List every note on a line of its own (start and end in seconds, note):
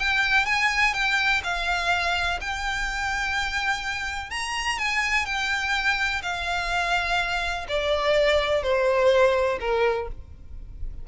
0.00 0.46 G5
0.46 0.94 G#5
0.94 1.42 G5
1.44 2.40 F5
2.41 4.31 G5
4.31 4.79 A#5
4.79 5.26 G#5
5.26 6.22 G5
6.23 7.67 F5
7.69 8.63 D5
8.63 9.59 C5
9.60 10.08 A#4